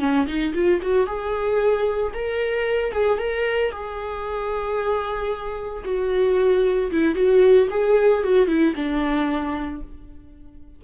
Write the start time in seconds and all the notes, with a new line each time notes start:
0.00 C#4
0.27 D#4
0.54 F4
0.82 F#4
1.06 G#4
2.14 A#4
2.92 G#4
3.19 A#4
3.71 G#4
5.85 F#4
6.91 E4
7.15 F#4
7.70 G#4
8.23 F#4
8.48 E4
8.75 D4